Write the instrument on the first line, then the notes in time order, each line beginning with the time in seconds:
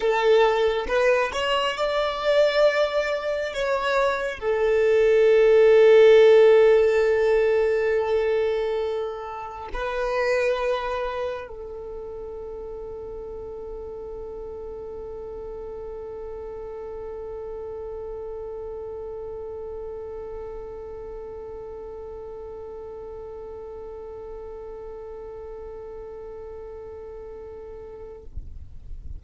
violin
0.00 A4
0.87 B4
1.32 C#5
1.77 D5
3.53 C#5
4.39 A4
9.73 B4
11.47 A4